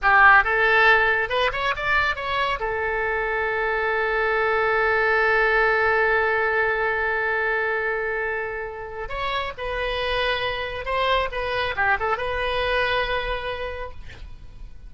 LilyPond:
\new Staff \with { instrumentName = "oboe" } { \time 4/4 \tempo 4 = 138 g'4 a'2 b'8 cis''8 | d''4 cis''4 a'2~ | a'1~ | a'1~ |
a'1~ | a'4 cis''4 b'2~ | b'4 c''4 b'4 g'8 a'8 | b'1 | }